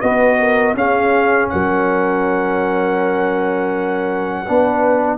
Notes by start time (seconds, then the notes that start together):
0.00 B3 F#4 B4 D#5
0.38 A#4
0.74 C#4 G#4 F5
1.49 F#3 A#4 F#5
4.45 B3 D4 B4